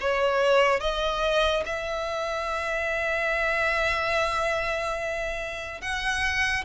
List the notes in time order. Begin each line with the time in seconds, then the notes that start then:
0.00 C#5
0.80 D#5
1.66 E5
5.81 F#5